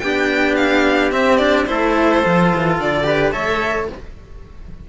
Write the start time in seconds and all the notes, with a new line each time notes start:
0.00 B3 D4 G4 G5
0.56 F5
1.11 C4 E5
1.37 D4 D5
1.67 A3 E4 A4 C5
2.24 F3 F4
2.56 E3
2.79 D3 D5
3.04 G4 B4
3.32 A3 A4 C#5 E5